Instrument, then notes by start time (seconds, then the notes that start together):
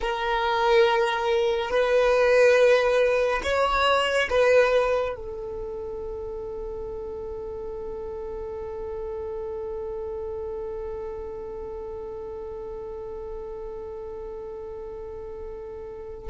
violin
0.00 A#4
1.70 B4
3.43 C#5
4.29 B4
5.15 A4